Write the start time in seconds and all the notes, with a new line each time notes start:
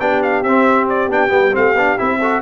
0.00 B3 D4 G4 G5
0.23 F5
0.43 C4 E5
0.90 D5
1.08 B3 D4 G5
1.29 G3 B3
1.52 A3 C4 F5
1.75 B3 D4
1.99 C4 E4 E5
2.20 F#4 A4